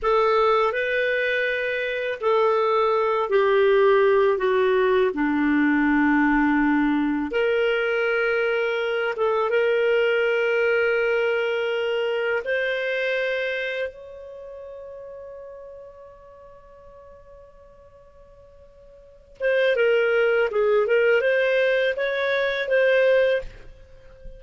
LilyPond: \new Staff \with { instrumentName = "clarinet" } { \time 4/4 \tempo 4 = 82 a'4 b'2 a'4~ | a'8 g'4. fis'4 d'4~ | d'2 ais'2~ | ais'8 a'8 ais'2.~ |
ais'4 c''2 cis''4~ | cis''1~ | cis''2~ cis''8 c''8 ais'4 | gis'8 ais'8 c''4 cis''4 c''4 | }